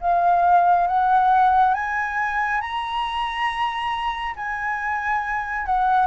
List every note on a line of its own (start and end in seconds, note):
0.00 0.87 F5
0.87 1.74 F#5
1.74 2.61 G#5
2.61 4.35 A#5
4.36 5.66 G#5
5.66 6.07 F#5